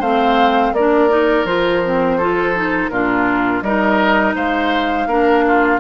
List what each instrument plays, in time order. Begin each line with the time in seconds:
0.00 bassoon A3, clarinet C4, oboe C5, flute F5
0.72 bassoon A#3, clarinet D4, oboe A#4, flute D5
1.09 clarinet D#4
1.45 bassoon F3, clarinet F4, flute C5
1.85 clarinet C4
2.18 clarinet F4, oboe A4
2.55 clarinet D#4
2.89 bassoon A#2, clarinet D4, oboe F4, flute A#4
3.62 bassoon G3, clarinet D#4, oboe A#4, flute D#5
4.35 bassoon G#3, oboe C5, flute F5
5.06 bassoon A#3, clarinet D4, oboe A#4
5.47 oboe F4